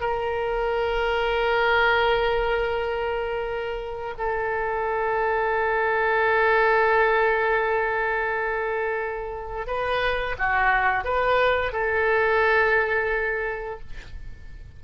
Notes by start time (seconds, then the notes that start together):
0.00 A#4
4.18 A4
9.66 B4
10.38 F#4
11.04 B4
11.72 A4